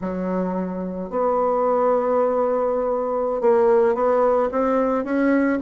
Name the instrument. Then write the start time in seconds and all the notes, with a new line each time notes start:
bassoon
0.01 F#3
1.10 B3
3.41 A#3
3.94 B3
4.51 C4
5.04 C#4